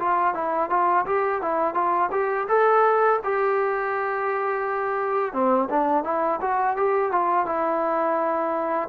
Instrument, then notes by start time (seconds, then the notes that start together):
trombone
0.00 F4
0.35 E4
0.70 F4
1.06 G4
1.42 E4
1.75 F4
2.12 G4
2.49 A4
3.24 G4
5.33 C4
5.70 D4
6.04 E4
6.42 F#4
6.77 G4
7.12 F4
7.46 E4